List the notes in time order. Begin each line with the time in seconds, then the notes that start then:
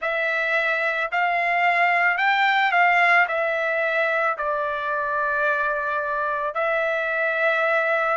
0.01 E5
1.12 F5
2.17 G5
2.71 F5
3.28 E5
4.37 D5
6.54 E5